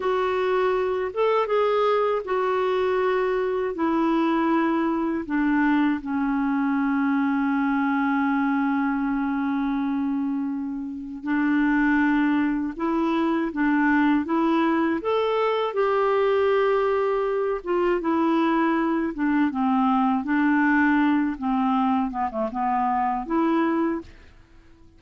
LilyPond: \new Staff \with { instrumentName = "clarinet" } { \time 4/4 \tempo 4 = 80 fis'4. a'8 gis'4 fis'4~ | fis'4 e'2 d'4 | cis'1~ | cis'2. d'4~ |
d'4 e'4 d'4 e'4 | a'4 g'2~ g'8 f'8 | e'4. d'8 c'4 d'4~ | d'8 c'4 b16 a16 b4 e'4 | }